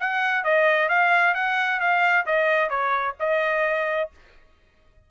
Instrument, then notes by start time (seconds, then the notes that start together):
trumpet
0.00 F#5
0.44 D#5
0.89 F5
1.35 F#5
1.80 F5
2.26 D#5
2.70 C#5
3.19 D#5